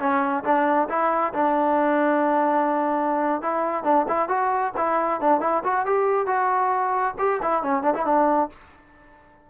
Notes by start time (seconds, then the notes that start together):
0.00 C#4
0.45 D4
0.90 E4
1.34 D4
3.42 E4
3.84 D4
4.09 E4
4.29 F#4
4.77 E4
5.21 D4
5.41 E4
5.64 F#4
5.86 G4
6.27 F#4
7.19 G4
7.43 E4
7.63 C#4
7.83 D4
7.95 E4
8.06 D4